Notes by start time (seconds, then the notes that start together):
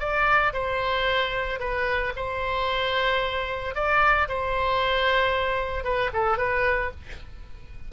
0.00 D5
0.53 C5
1.60 B4
2.16 C5
3.75 D5
4.29 C5
5.84 B4
6.13 A4
6.38 B4